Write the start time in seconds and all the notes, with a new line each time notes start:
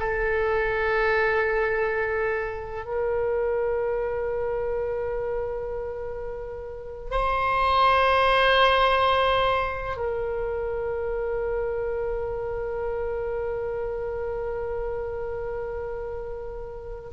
0.00 A4
2.86 A#4
7.11 C5
9.97 A#4